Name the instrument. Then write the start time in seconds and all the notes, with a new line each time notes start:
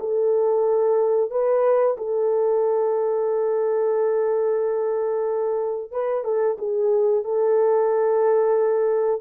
horn
0.00 A4
1.31 B4
1.98 A4
5.92 B4
6.24 A4
6.58 G#4
7.24 A4